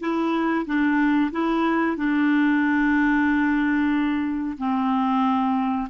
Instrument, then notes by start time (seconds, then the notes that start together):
clarinet
0.00 E4
0.66 D4
1.31 E4
1.96 D4
4.58 C4